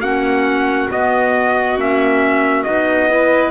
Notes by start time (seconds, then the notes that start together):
0.00 A#3 C#4 F#4 F#5
0.89 B3 D#5
1.76 A#3 C#4 E5
2.63 B3 D#4 D#5
3.09 E4 B4